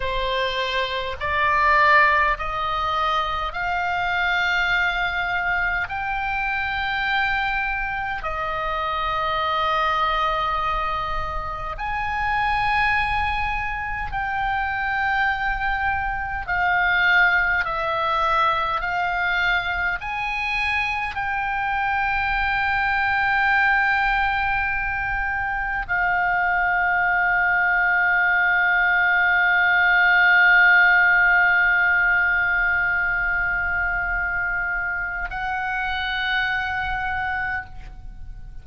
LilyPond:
\new Staff \with { instrumentName = "oboe" } { \time 4/4 \tempo 4 = 51 c''4 d''4 dis''4 f''4~ | f''4 g''2 dis''4~ | dis''2 gis''2 | g''2 f''4 e''4 |
f''4 gis''4 g''2~ | g''2 f''2~ | f''1~ | f''2 fis''2 | }